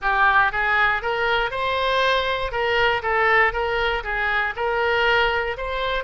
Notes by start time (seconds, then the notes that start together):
0.01 G4
0.52 G#4
1.02 A#4
1.50 C5
2.51 A#4
3.02 A4
3.52 A#4
4.03 G#4
4.55 A#4
5.57 C5